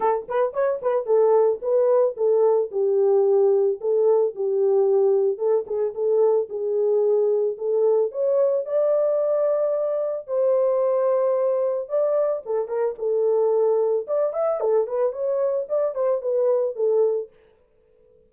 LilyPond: \new Staff \with { instrumentName = "horn" } { \time 4/4 \tempo 4 = 111 a'8 b'8 cis''8 b'8 a'4 b'4 | a'4 g'2 a'4 | g'2 a'8 gis'8 a'4 | gis'2 a'4 cis''4 |
d''2. c''4~ | c''2 d''4 a'8 ais'8 | a'2 d''8 e''8 a'8 b'8 | cis''4 d''8 c''8 b'4 a'4 | }